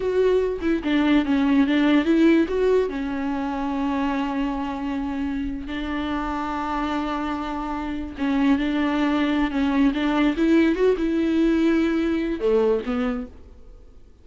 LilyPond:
\new Staff \with { instrumentName = "viola" } { \time 4/4 \tempo 4 = 145 fis'4. e'8 d'4 cis'4 | d'4 e'4 fis'4 cis'4~ | cis'1~ | cis'4.~ cis'16 d'2~ d'16~ |
d'2.~ d'8. cis'16~ | cis'8. d'2~ d'16 cis'4 | d'4 e'4 fis'8 e'4.~ | e'2 a4 b4 | }